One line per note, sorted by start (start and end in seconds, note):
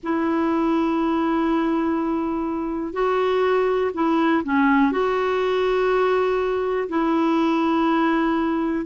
0.03 2.92 E4
2.92 3.91 F#4
3.93 4.43 E4
4.44 4.91 C#4
4.91 6.88 F#4
6.89 8.85 E4